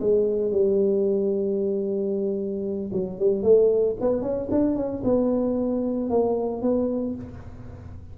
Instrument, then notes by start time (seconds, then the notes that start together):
tuba
0.00 G#3
0.52 G3
2.93 F#3
3.19 G3
3.43 A3
4.01 B3
4.22 C#4
4.51 D4
4.76 C#4
5.04 B3
6.10 A#3
6.62 B3